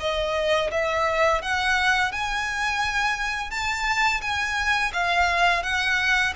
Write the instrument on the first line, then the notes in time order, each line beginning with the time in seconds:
violin
0.00 D#5
0.71 E5
1.42 F#5
2.12 G#5
3.51 A5
4.21 G#5
4.93 F5
5.63 F#5